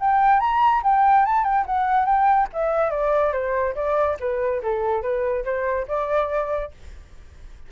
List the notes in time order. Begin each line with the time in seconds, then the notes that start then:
0.00 G5
0.40 A#5
0.84 G5
1.25 A5
1.44 G5
1.66 F#5
2.06 G5
2.53 E5
2.91 D5
3.33 C5
3.75 D5
4.20 B4
4.63 A4
5.02 B4
5.45 C5
5.88 D5